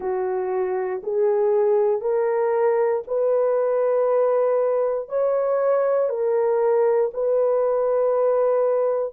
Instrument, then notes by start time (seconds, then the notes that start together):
horn
0.00 F#4
1.03 G#4
2.01 A#4
3.07 B4
5.08 C#5
6.09 A#4
7.13 B4